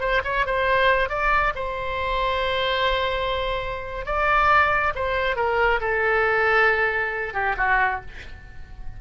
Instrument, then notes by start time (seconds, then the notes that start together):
oboe
0.00 C5
0.24 C#5
0.46 C5
1.09 D5
1.55 C5
4.06 D5
4.95 C5
5.36 A#4
5.80 A4
7.34 G4
7.57 F#4